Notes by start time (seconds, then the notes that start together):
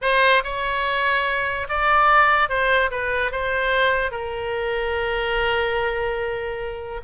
0.01 C5
0.43 C#5
1.69 D5
2.49 C5
2.90 B4
3.31 C5
4.11 A#4